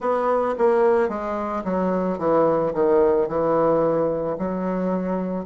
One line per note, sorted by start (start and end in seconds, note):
0.00 0.55 B3
0.58 1.09 A#3
1.09 1.63 G#3
1.64 2.18 F#3
2.18 2.73 E3
2.73 3.27 D#3
3.27 4.36 E3
4.38 5.45 F#3